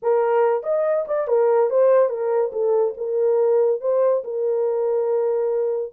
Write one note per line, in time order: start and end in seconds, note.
0.02 0.63 A#4
0.63 1.05 D#5
1.07 1.27 D5
1.27 1.69 A#4
1.69 2.09 C5
2.09 2.51 A#4
2.52 2.94 A4
2.97 3.80 A#4
3.80 4.23 C5
4.23 5.93 A#4